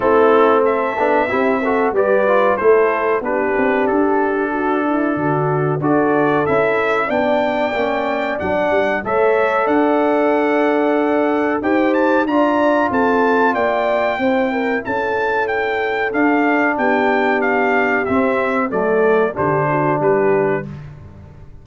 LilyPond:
<<
  \new Staff \with { instrumentName = "trumpet" } { \time 4/4 \tempo 4 = 93 a'4 e''2 d''4 | c''4 b'4 a'2~ | a'4 d''4 e''4 g''4~ | g''4 fis''4 e''4 fis''4~ |
fis''2 g''8 a''8 ais''4 | a''4 g''2 a''4 | g''4 f''4 g''4 f''4 | e''4 d''4 c''4 b'4 | }
  \new Staff \with { instrumentName = "horn" } { \time 4/4 e'4 a'4 g'8 a'8 b'4 | a'4 g'2 fis'8 e'8 | fis'4 a'2 d''4~ | d''2 cis''4 d''4~ |
d''2 c''4 d''4 | a'4 d''4 c''8 ais'8 a'4~ | a'2 g'2~ | g'4 a'4 g'8 fis'8 g'4 | }
  \new Staff \with { instrumentName = "trombone" } { \time 4/4 c'4. d'8 e'8 fis'8 g'8 f'8 | e'4 d'2.~ | d'4 fis'4 e'4 d'4 | cis'4 d'4 a'2~ |
a'2 g'4 f'4~ | f'2 e'2~ | e'4 d'2. | c'4 a4 d'2 | }
  \new Staff \with { instrumentName = "tuba" } { \time 4/4 a4. b8 c'4 g4 | a4 b8 c'8 d'2 | d4 d'4 cis'4 b4 | ais4 fis8 g8 a4 d'4~ |
d'2 dis'4 d'4 | c'4 ais4 c'4 cis'4~ | cis'4 d'4 b2 | c'4 fis4 d4 g4 | }
>>